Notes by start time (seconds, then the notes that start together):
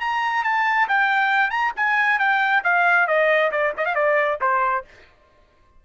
0.00 A#5
0.44 A5
0.88 G5
1.50 A#5
1.76 G#5
2.19 G5
2.64 F5
3.07 D#5
3.51 D5
3.77 D#5
3.85 F5
3.95 D5
4.41 C5